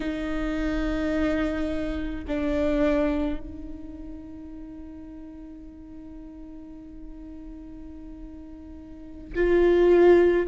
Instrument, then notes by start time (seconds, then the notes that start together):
viola
0.00 D#4
2.27 D4
3.40 D#4
9.34 F4